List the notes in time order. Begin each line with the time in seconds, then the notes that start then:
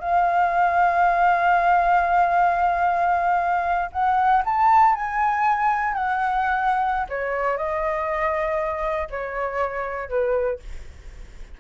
0.00 F5
3.92 F#5
4.45 A5
4.95 G#5
5.94 F#5
7.09 C#5
7.57 D#5
9.10 C#5
10.09 B4